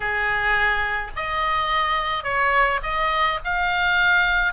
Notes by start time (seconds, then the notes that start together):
0.00 G#4
1.16 D#5
2.23 C#5
2.83 D#5
3.44 F5